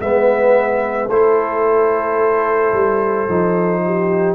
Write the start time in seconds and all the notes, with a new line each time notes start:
0.00 G#3 B3 B4 E5
1.08 A3 E4 A4 C5
2.73 G3
3.28 F3 D#4
3.85 G4